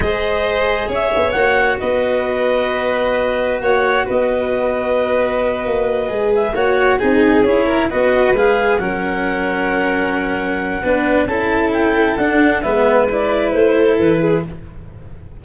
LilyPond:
<<
  \new Staff \with { instrumentName = "clarinet" } { \time 4/4 \tempo 4 = 133 dis''2 e''4 fis''4 | dis''1 | fis''4 dis''2.~ | dis''2 e''8 fis''4 gis''8~ |
gis''8 cis''4 dis''4 f''4 fis''8~ | fis''1~ | fis''4 a''4 g''4 fis''4 | e''4 d''4 c''4 b'4 | }
  \new Staff \with { instrumentName = "violin" } { \time 4/4 c''2 cis''2 | b'1 | cis''4 b'2.~ | b'2~ b'8 cis''4 gis'8~ |
gis'4 ais'8 b'2 ais'8~ | ais'1 | b'4 a'2. | b'2~ b'8 a'4 gis'8 | }
  \new Staff \with { instrumentName = "cello" } { \time 4/4 gis'2. fis'4~ | fis'1~ | fis'1~ | fis'4. gis'4 fis'4 dis'8~ |
dis'8 e'4 fis'4 gis'4 cis'8~ | cis'1 | d'4 e'2 d'4 | b4 e'2. | }
  \new Staff \with { instrumentName = "tuba" } { \time 4/4 gis2 cis'8 b8 ais4 | b1 | ais4 b2.~ | b8 ais4 gis4 ais4 c'8~ |
c'8 cis'4 b4 gis4 fis8~ | fis1 | b4 cis'2 d'4 | gis2 a4 e4 | }
>>